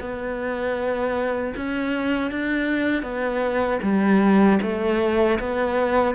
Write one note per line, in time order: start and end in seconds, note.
0.00 1.54 B3
1.56 2.31 C#4
2.31 3.02 D4
3.02 3.79 B3
3.82 4.59 G3
4.62 5.39 A3
5.40 6.15 B3